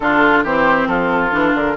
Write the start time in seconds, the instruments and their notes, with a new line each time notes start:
0.00 bassoon D3, clarinet D4, oboe F4, flute A4
0.43 bassoon E3, clarinet C4, oboe G4, flute C5
0.87 bassoon F3, oboe F4, flute A4
1.31 bassoon E3, clarinet D4
1.54 bassoon D3, flute A#4